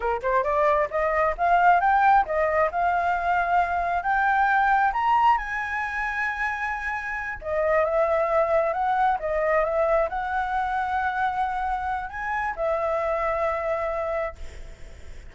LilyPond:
\new Staff \with { instrumentName = "flute" } { \time 4/4 \tempo 4 = 134 ais'8 c''8 d''4 dis''4 f''4 | g''4 dis''4 f''2~ | f''4 g''2 ais''4 | gis''1~ |
gis''8 dis''4 e''2 fis''8~ | fis''8 dis''4 e''4 fis''4.~ | fis''2. gis''4 | e''1 | }